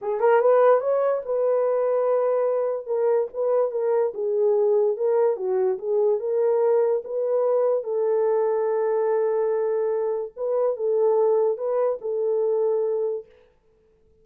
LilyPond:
\new Staff \with { instrumentName = "horn" } { \time 4/4 \tempo 4 = 145 gis'8 ais'8 b'4 cis''4 b'4~ | b'2. ais'4 | b'4 ais'4 gis'2 | ais'4 fis'4 gis'4 ais'4~ |
ais'4 b'2 a'4~ | a'1~ | a'4 b'4 a'2 | b'4 a'2. | }